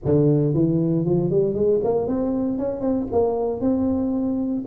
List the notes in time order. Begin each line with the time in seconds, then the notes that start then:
0.04 D3
0.53 E3
1.05 F3
1.30 G3
1.54 G#3
1.84 A#3
2.07 C4
2.58 C#4
2.80 C4
3.12 A#3
3.60 C4